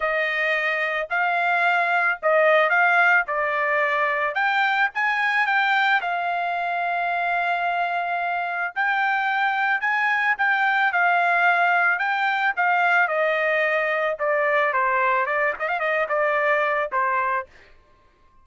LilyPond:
\new Staff \with { instrumentName = "trumpet" } { \time 4/4 \tempo 4 = 110 dis''2 f''2 | dis''4 f''4 d''2 | g''4 gis''4 g''4 f''4~ | f''1 |
g''2 gis''4 g''4 | f''2 g''4 f''4 | dis''2 d''4 c''4 | d''8 dis''16 f''16 dis''8 d''4. c''4 | }